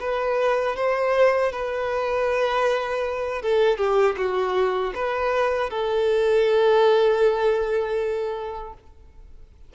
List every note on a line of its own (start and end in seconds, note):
0.00 0.76 B4
0.76 1.52 C5
1.52 3.42 B4
3.42 3.78 A4
3.78 4.16 G4
4.17 4.93 F#4
4.95 5.70 B4
5.70 8.74 A4